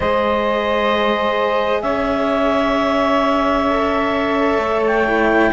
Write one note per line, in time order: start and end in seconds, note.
0.00 1.83 G#3
0.00 3.70 G#4
0.00 1.82 C5
0.00 1.81 D#5
1.81 4.58 C#4
1.81 5.51 C#5
1.81 4.81 E5
3.70 5.07 A4
4.58 5.50 A3
4.87 5.52 G5
5.07 5.52 E4